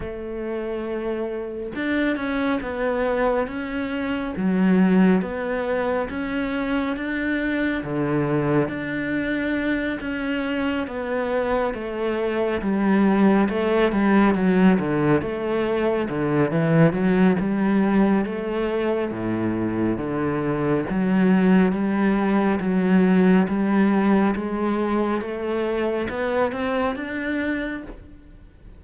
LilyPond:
\new Staff \with { instrumentName = "cello" } { \time 4/4 \tempo 4 = 69 a2 d'8 cis'8 b4 | cis'4 fis4 b4 cis'4 | d'4 d4 d'4. cis'8~ | cis'8 b4 a4 g4 a8 |
g8 fis8 d8 a4 d8 e8 fis8 | g4 a4 a,4 d4 | fis4 g4 fis4 g4 | gis4 a4 b8 c'8 d'4 | }